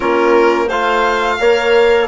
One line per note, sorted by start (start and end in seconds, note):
0.00 0.69 A#3
0.00 0.69 C#4
0.00 0.66 F4
0.00 0.68 A#4
0.66 1.39 A3
0.66 1.39 F4
0.66 1.35 C5
0.66 2.07 F5
1.39 2.07 A#3
1.39 2.07 A#4
1.39 2.07 C#5